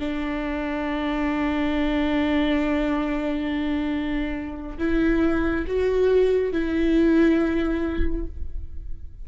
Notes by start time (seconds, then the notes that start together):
0.00 D4
4.79 E4
5.68 F#4
6.53 E4